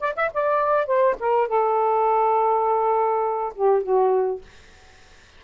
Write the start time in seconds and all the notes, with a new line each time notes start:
0.00 D5
0.16 E5
0.33 D5
0.86 C5
1.20 A#4
1.48 A4
3.55 G4
3.83 F#4